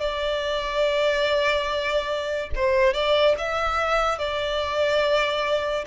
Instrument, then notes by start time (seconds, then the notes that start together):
violin
0.00 D5
2.55 C5
2.94 D5
3.38 E5
4.18 D5